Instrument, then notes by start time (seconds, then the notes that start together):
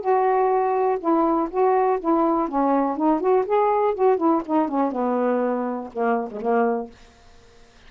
saxophone
0.00 F#4
0.99 E4
1.50 F#4
2.00 E4
2.48 C#4
2.97 D#4
3.20 F#4
3.46 G#4
3.94 F#4
4.17 E4
4.45 D#4
4.68 C#4
4.91 B3
5.93 A#3
6.31 G#3
6.41 A#3